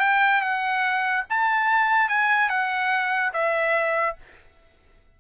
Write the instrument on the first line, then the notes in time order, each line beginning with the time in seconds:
trumpet
0.00 G5
0.41 F#5
1.30 A5
2.09 G#5
2.49 F#5
3.33 E5